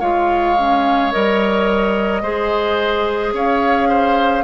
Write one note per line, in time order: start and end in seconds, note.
0.00 1.13 G#3
0.00 0.56 F4
0.00 2.22 C#5
0.00 1.12 F5
0.58 1.12 C#4
1.12 2.22 G3
1.12 2.23 A#4
1.12 3.34 D#5
2.22 3.33 G#3
2.22 4.44 G#4
2.22 3.33 C5
3.33 4.44 C#4
3.33 3.88 C#5
3.33 4.44 F5
3.88 4.44 C5